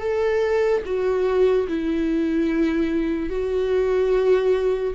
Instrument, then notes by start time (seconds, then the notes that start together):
viola
0.00 A4
0.85 F#4
1.68 E4
3.30 F#4